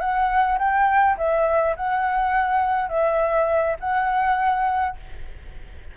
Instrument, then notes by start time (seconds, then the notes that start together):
flute
0.00 F#5
0.59 G5
1.17 E5
1.76 F#5
2.89 E5
3.80 F#5